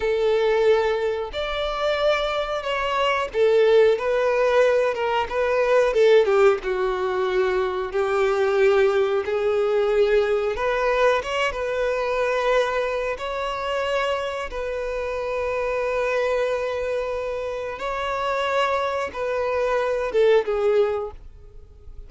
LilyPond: \new Staff \with { instrumentName = "violin" } { \time 4/4 \tempo 4 = 91 a'2 d''2 | cis''4 a'4 b'4. ais'8 | b'4 a'8 g'8 fis'2 | g'2 gis'2 |
b'4 cis''8 b'2~ b'8 | cis''2 b'2~ | b'2. cis''4~ | cis''4 b'4. a'8 gis'4 | }